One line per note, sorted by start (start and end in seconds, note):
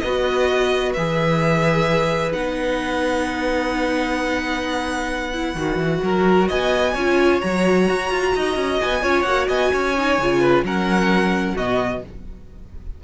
0.00 0.96 B3
0.00 0.97 F#4
0.00 6.03 B4
0.00 0.92 D#5
0.93 2.34 E3
0.93 2.32 G#4
0.93 2.32 E5
2.32 5.55 B3
2.32 5.32 D#4
2.32 6.48 F#5
5.33 5.56 E4
5.55 5.76 D#3
5.55 6.95 F#4
5.76 5.99 E3
6.03 6.49 F#3
6.03 6.48 A#4
6.48 6.95 B3
6.48 6.93 D#5
6.48 7.40 G#5
6.93 7.41 C#4
6.93 7.41 F4
6.93 8.32 C#5
7.40 7.88 F#3
7.40 9.02 F#4
7.40 8.79 A#5
7.88 8.11 F#4
8.11 8.34 F4
8.35 8.56 D#4
8.35 9.02 D#5
8.56 8.79 C#4
8.81 9.03 B3
8.81 9.22 G#5
9.02 9.24 C#4
9.02 9.25 F4
9.02 9.48 C#5
9.22 9.47 A#3
9.22 9.96 F#4
9.22 9.45 F#5
9.48 9.71 B3
9.48 9.71 D#5
9.48 10.64 G#5
9.72 10.18 C#4
9.72 10.41 C#5
9.97 10.20 D#4
10.18 10.62 C#3
10.18 10.65 F4
10.41 10.64 B4
10.62 11.55 F#3
10.62 11.57 C#4
10.62 11.55 A#4
10.62 11.57 F#5
11.55 12.03 B2
11.55 12.04 B3
11.55 12.01 F#4
11.55 12.03 D#5